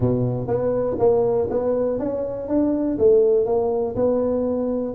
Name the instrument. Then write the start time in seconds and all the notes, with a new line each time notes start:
tuba
0.00 B2
0.47 B3
0.98 A#3
1.49 B3
1.99 C#4
2.48 D4
2.98 A3
3.45 A#3
3.95 B3